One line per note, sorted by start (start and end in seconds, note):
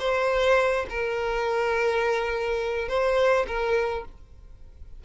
0.00 0.87 C5
0.90 2.89 A#4
2.89 3.47 C5
3.47 4.05 A#4